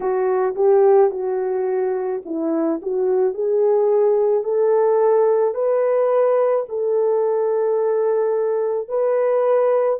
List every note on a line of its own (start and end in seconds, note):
0.00 0.55 F#4
0.55 1.11 G4
1.11 2.22 F#4
2.25 2.80 E4
2.81 3.34 F#4
3.34 4.43 G#4
4.43 5.54 A4
5.54 6.65 B4
6.68 8.88 A4
8.88 9.99 B4